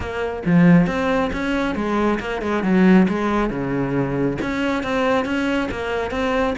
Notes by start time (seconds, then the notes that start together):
0.00 A#3
0.45 F3
0.87 C4
1.32 C#4
1.75 G#3
2.19 A#3
2.41 G#3
2.63 F#3
3.08 G#3
3.50 C#3
4.41 C#4
4.83 C4
5.25 C#4
5.71 A#3
6.10 C4